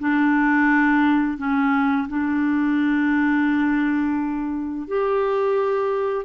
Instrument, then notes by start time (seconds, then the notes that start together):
clarinet
0.00 D4
1.38 C#4
2.09 D4
4.88 G4